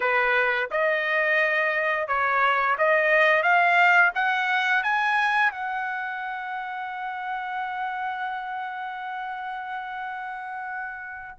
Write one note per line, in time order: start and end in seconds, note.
0.00 0.69 B4
0.70 2.07 D#5
2.07 2.76 C#5
2.77 3.42 D#5
3.42 4.11 F5
4.14 4.83 F#5
4.83 5.51 G#5
5.51 11.38 F#5